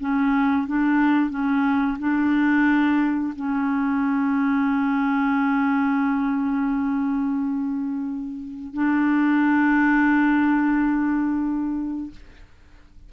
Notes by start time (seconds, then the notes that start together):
0.00 C#4
0.67 D4
1.30 C#4
1.99 D4
3.36 C#4
8.74 D4